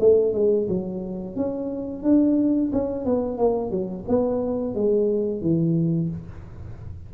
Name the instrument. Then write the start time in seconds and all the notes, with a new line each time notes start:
tuba
0.00 A3
0.34 G#3
0.68 F#3
1.36 C#4
2.03 D4
2.73 C#4
3.05 B3
3.38 A#3
3.71 F#3
4.09 B3
4.75 G#3
5.41 E3